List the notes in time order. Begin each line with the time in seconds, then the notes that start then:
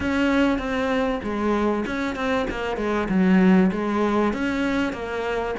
0.00 C#4
0.58 C4
1.23 G#3
1.86 C#4
2.15 C4
2.50 A#3
2.77 G#3
3.08 F#3
3.71 G#3
4.33 C#4
4.92 A#3